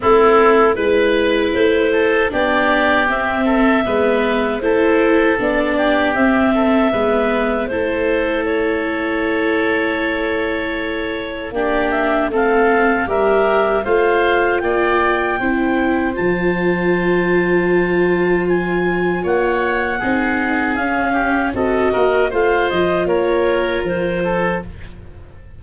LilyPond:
<<
  \new Staff \with { instrumentName = "clarinet" } { \time 4/4 \tempo 4 = 78 a'4 b'4 c''4 d''4 | e''2 c''4 d''4 | e''2 c''4 cis''4~ | cis''2. d''8 e''8 |
f''4 e''4 f''4 g''4~ | g''4 a''2. | gis''4 fis''2 f''4 | dis''4 f''8 dis''8 cis''4 c''4 | }
  \new Staff \with { instrumentName = "oboe" } { \time 4/4 e'4 b'4. a'8 g'4~ | g'8 a'8 b'4 a'4. g'8~ | g'8 a'8 b'4 a'2~ | a'2. g'4 |
a'4 ais'4 c''4 d''4 | c''1~ | c''4 cis''4 gis'4. g'8 | a'8 ais'8 c''4 ais'4. a'8 | }
  \new Staff \with { instrumentName = "viola" } { \time 4/4 c'4 e'2 d'4 | c'4 b4 e'4 d'4 | c'4 b4 e'2~ | e'2. d'4 |
c'4 g'4 f'2 | e'4 f'2.~ | f'2 dis'4 cis'4 | fis'4 f'2. | }
  \new Staff \with { instrumentName = "tuba" } { \time 4/4 a4 gis4 a4 b4 | c'4 gis4 a4 b4 | c'4 gis4 a2~ | a2. ais4 |
a4 g4 a4 ais4 | c'4 f2.~ | f4 ais4 c'4 cis'4 | c'8 ais8 a8 f8 ais4 f4 | }
>>